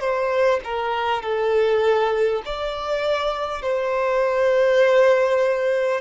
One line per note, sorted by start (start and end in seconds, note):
0.00 0.60 C5
0.64 1.22 A#4
1.22 2.42 A4
2.45 3.62 D5
3.62 6.01 C5